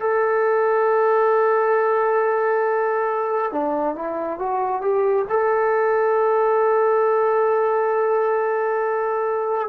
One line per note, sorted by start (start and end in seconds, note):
0.00 3.52 A4
3.52 3.96 D4
3.96 4.40 E4
4.40 4.82 F#4
4.82 5.26 G4
5.29 9.69 A4